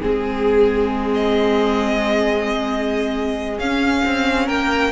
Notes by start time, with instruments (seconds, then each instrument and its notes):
0.00 cello G#3, viola C4, violin G#4
1.14 violin D#5
3.59 cello C#4, viola C#4, violin F5
4.05 cello C4
4.46 cello A#3, violin A#4 G5